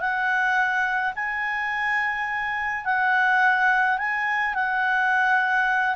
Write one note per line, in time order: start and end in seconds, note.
0.00 1.13 F#5
1.15 2.85 G#5
2.85 3.98 F#5
3.98 4.55 G#5
4.55 5.96 F#5